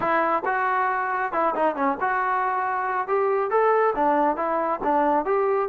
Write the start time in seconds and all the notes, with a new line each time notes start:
0.00 E4
0.45 F#4
1.32 E4
1.55 D#4
1.75 C#4
2.00 F#4
3.07 G4
3.50 A4
3.95 D4
4.36 E4
4.83 D4
5.25 G4